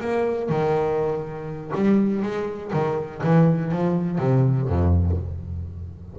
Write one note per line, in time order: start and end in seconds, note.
0.00 0.49 A#3
0.49 1.72 D#3
1.75 2.22 G3
2.22 2.72 G#3
2.73 3.22 D#3
3.23 3.71 E3
3.71 4.18 F3
4.18 4.67 C3
4.67 5.17 F2